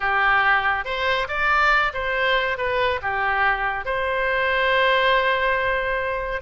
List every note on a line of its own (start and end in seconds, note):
0.00 0.84 G4
0.84 1.27 C5
1.28 1.92 D5
1.93 2.57 C5
2.57 3.00 B4
3.02 3.85 G4
3.85 6.41 C5